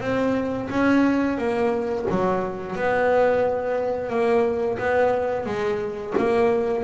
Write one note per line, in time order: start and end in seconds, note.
0.00 0.68 C4
0.69 1.38 C#4
1.38 2.06 A#3
2.10 2.76 F#3
2.76 4.09 B3
4.09 4.77 A#3
4.78 5.45 B3
5.45 6.13 G#3
6.17 6.83 A#3